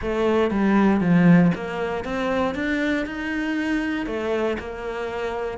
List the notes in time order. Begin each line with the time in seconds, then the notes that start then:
0.01 A3
0.50 G3
1.00 F3
1.54 A#3
2.04 C4
2.54 D4
3.06 D#4
4.06 A3
4.59 A#3